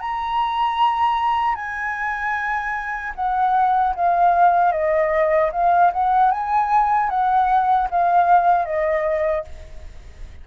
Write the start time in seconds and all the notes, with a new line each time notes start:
0.00 A#5
1.55 G#5
3.15 F#5
3.95 F5
4.72 D#5
5.52 F5
5.93 F#5
6.31 G#5
7.10 F#5
7.91 F5
8.65 D#5